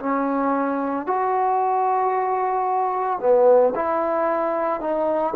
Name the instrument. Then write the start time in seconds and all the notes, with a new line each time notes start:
trombone
0.00 C#4
1.07 F#4
3.20 B3
3.76 E4
4.81 D#4